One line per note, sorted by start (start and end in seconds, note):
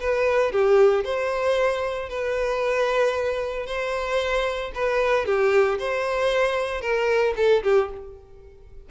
0.00 0.52 B4
0.52 1.04 G4
1.04 2.09 C5
2.09 3.66 B4
3.66 4.72 C5
4.75 5.26 B4
5.26 5.78 G4
5.79 6.81 C5
6.81 7.34 A#4
7.36 7.62 A4
7.63 7.89 G4